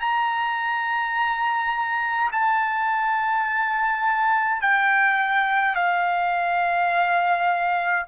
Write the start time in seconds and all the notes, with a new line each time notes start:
0.00 A#5
2.31 A5
4.61 G5
5.75 F5